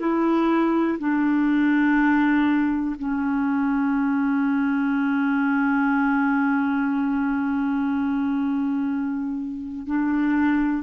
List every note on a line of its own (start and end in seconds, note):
0.00 0.98 E4
0.99 2.96 D4
2.99 9.86 C#4
9.86 10.83 D4